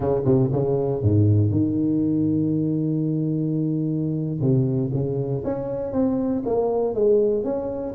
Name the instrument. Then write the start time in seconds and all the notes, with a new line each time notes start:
tuba
0.00 C#3
0.25 C3
0.52 C#3
1.02 G#2
1.50 D#3
4.40 C3
4.93 C#3
5.44 C#4
5.92 C4
6.45 A#3
6.94 G#3
7.44 C#4